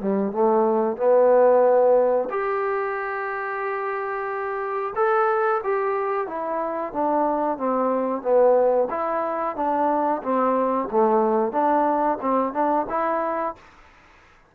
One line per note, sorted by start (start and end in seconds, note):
0.00 0.32 G3
0.32 0.97 A3
0.97 2.28 B3
2.30 4.93 G4
4.95 5.61 A4
5.63 6.27 G4
6.27 6.93 E4
6.93 7.57 D4
7.57 8.22 C4
8.22 8.88 B3
8.90 9.56 E4
9.56 10.22 D4
10.22 10.88 C4
10.91 11.52 A3
11.52 12.18 D4
12.21 12.53 C4
12.53 12.86 D4
12.89 13.55 E4